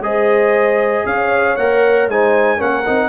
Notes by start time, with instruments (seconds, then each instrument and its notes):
0.00 tuba G#3, trombone G#4, horn C5, trumpet D#5
1.05 tuba C#4, horn C#5, trumpet F5
1.56 tuba A#3, trombone A#4, trumpet F#5
2.07 tuba G#3, trombone D#4, horn C5, trumpet G#5
2.57 tuba A#3, trombone C#4, horn A#4, trumpet F#5
2.86 tuba C4, trombone D#4